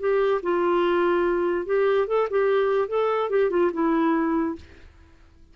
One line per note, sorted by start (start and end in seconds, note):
0.00 0.41 G4
0.43 1.66 F4
1.66 2.07 G4
2.08 2.28 A4
2.31 2.89 G4
2.89 3.30 A4
3.30 3.51 G4
3.51 3.71 F4
3.73 4.56 E4